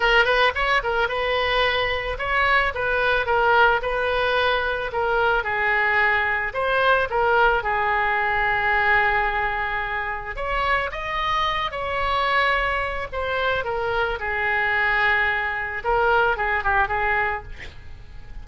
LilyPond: \new Staff \with { instrumentName = "oboe" } { \time 4/4 \tempo 4 = 110 ais'8 b'8 cis''8 ais'8 b'2 | cis''4 b'4 ais'4 b'4~ | b'4 ais'4 gis'2 | c''4 ais'4 gis'2~ |
gis'2. cis''4 | dis''4. cis''2~ cis''8 | c''4 ais'4 gis'2~ | gis'4 ais'4 gis'8 g'8 gis'4 | }